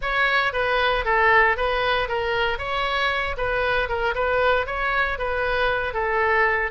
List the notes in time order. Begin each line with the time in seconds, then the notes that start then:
0.01 C#5
0.53 B4
1.05 A4
1.57 B4
2.08 A#4
2.58 C#5
3.37 B4
3.88 A#4
4.14 B4
4.66 C#5
5.18 B4
5.93 A4